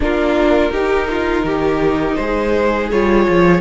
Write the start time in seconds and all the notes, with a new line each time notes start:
0.00 A#3 D4 F4 A#4
0.70 D#4 G4
1.09 F4
1.43 D#3 G4
2.15 G#3 G#4 C5
2.91 G3 F4 C#5
3.28 F3